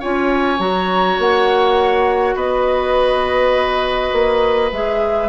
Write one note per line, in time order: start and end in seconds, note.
0.00 0.59 C#4
0.00 0.58 F4
0.00 2.35 C#5
0.00 0.60 G#5
0.58 1.18 F#3
0.58 4.70 F#4
0.58 1.19 A#5
1.19 2.35 A#3
1.19 2.36 F#5
2.35 4.11 B3
2.35 5.29 B4
2.35 4.72 D#5
4.12 4.71 A#3
4.71 5.29 G#3
4.71 5.29 G#4
4.71 5.29 E5